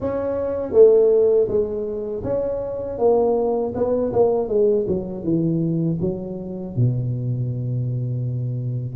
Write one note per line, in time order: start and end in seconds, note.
0.00 0.72 C#4
0.72 1.47 A3
1.48 2.23 G#3
2.23 2.98 C#4
2.98 3.73 A#3
3.75 4.12 B3
4.12 4.48 A#3
4.48 4.85 G#3
4.87 5.23 F#3
5.23 5.98 E3
6.00 6.75 F#3
6.76 8.95 B2